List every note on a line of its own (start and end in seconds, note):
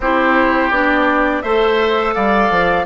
0.00 0.70 C4
0.00 0.72 E4
0.00 1.43 G4
0.00 0.71 C5
0.70 1.42 B3
0.70 1.43 D4
0.70 1.42 D5
1.42 2.15 A3
1.42 2.85 A4
1.42 2.14 C5
1.42 2.13 E5
2.14 2.50 G3
2.14 2.85 D5
2.14 2.85 F5
2.50 2.85 F3